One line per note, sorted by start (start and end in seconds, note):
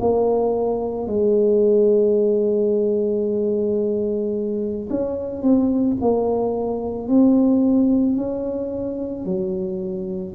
0.00 1.07 A#3
1.07 4.88 G#3
4.89 5.42 C#4
5.42 5.97 C4
6.01 7.08 A#3
7.08 8.16 C4
8.16 9.25 C#4
9.25 10.34 F#3